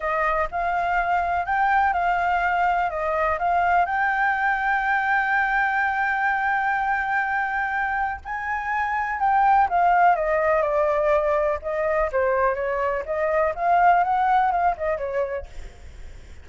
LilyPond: \new Staff \with { instrumentName = "flute" } { \time 4/4 \tempo 4 = 124 dis''4 f''2 g''4 | f''2 dis''4 f''4 | g''1~ | g''1~ |
g''4 gis''2 g''4 | f''4 dis''4 d''2 | dis''4 c''4 cis''4 dis''4 | f''4 fis''4 f''8 dis''8 cis''4 | }